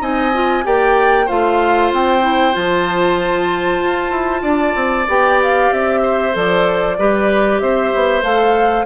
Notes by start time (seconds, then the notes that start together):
0.00 C4 D#4 D#5 G#5
0.33 F4
0.63 A#3 G4 D5 G5
1.26 A3 F4 C5 F5
1.92 C4 G5
2.21 E4
2.52 F3 F4 A5
3.80 F4
4.10 E4
4.42 D4 D5
4.75 C4
5.07 B3 G4 G5
5.42 F5
5.72 C4 E5
6.02 C5
6.32 F3 A4 D5
6.98 G3 G4 B4
7.59 C4 C5 E5
7.94 B3
8.22 A3 A4 F5